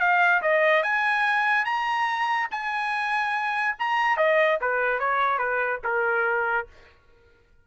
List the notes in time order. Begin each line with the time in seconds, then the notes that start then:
0.00 F5
0.42 D#5
0.83 G#5
1.65 A#5
2.51 G#5
3.79 A#5
4.17 D#5
4.61 B4
4.99 C#5
5.38 B4
5.84 A#4